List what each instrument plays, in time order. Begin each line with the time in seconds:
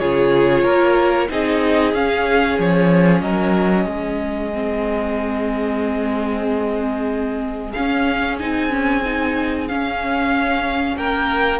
0.00 cello C#3, viola F4, violin G#4 C#5
0.64 cello A#3, violin A#4
1.30 cello C4, viola D#4, violin G#4 D#5
1.94 cello C#4, viola C#4, violin F5
2.59 cello F3, violin C#5
3.21 cello F#3, violin A#4 D#5
3.86 cello G#3, violin G#4
4.53 viola C4
7.73 viola C#4, cello C#4, violin F5
8.40 cello C4, viola D#4, violin G#5
8.71 viola C#4
9.06 viola D#4
9.68 viola C#4, cello C#4, violin F5
10.97 cello A#3, violin A#4 G5